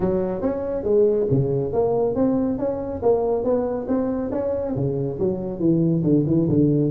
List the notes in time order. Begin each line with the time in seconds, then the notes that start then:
0.00 F#3
0.41 C#4
0.83 G#3
1.30 C#3
1.72 A#3
2.15 C4
2.58 C#4
3.02 A#3
3.43 B3
3.87 C4
4.31 C#4
4.75 C#3
5.19 F#3
5.59 E3
6.03 D3
6.26 E3
6.49 D3